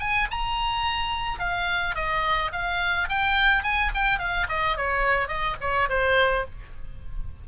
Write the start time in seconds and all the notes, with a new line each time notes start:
0.00 G#5
0.31 A#5
1.39 F5
1.95 D#5
2.53 F5
3.09 G5
3.63 G#5
3.95 G5
4.19 F5
4.49 D#5
4.77 C#5
5.28 D#5
5.61 C#5
5.90 C5